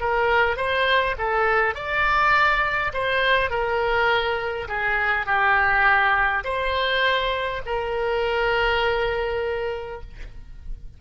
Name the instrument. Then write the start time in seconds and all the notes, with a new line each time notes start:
oboe
0.00 A#4
0.57 C5
1.18 A4
1.74 D5
2.93 C5
3.50 A#4
4.68 G#4
5.26 G4
6.44 C5
7.66 A#4